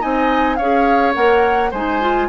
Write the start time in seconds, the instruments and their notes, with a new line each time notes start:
0.00 bassoon C4, clarinet D#4, oboe D#5, flute G#5
0.56 bassoon C#4, clarinet G#4, oboe C#5, flute F5
1.13 bassoon A#3, clarinet A#4, flute F#5
1.70 bassoon G#3, clarinet D#4, oboe C5, flute G#5
2.00 clarinet F4